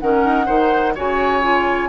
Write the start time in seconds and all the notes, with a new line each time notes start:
0.00 D#3 C#4 A#4 F#5
0.25 D#4
0.46 D#3 D#4 C5
0.95 C#3 F#4 C#5 G#5
1.42 F4